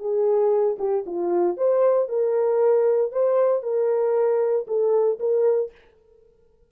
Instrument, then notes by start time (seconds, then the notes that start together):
horn
0.00 G#4
0.79 G4
1.07 F4
1.57 C5
2.09 A#4
3.12 C5
3.63 A#4
4.68 A4
5.20 A#4